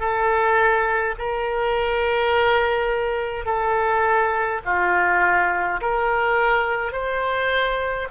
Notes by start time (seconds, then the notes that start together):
0.00 A4
1.19 A#4
3.46 A4
4.66 F4
5.82 A#4
6.93 C5